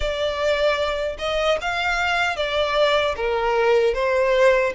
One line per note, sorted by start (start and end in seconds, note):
0.00 1.16 D5
1.18 1.58 D#5
1.61 2.36 F5
2.36 3.15 D5
3.16 3.94 A#4
3.94 4.73 C5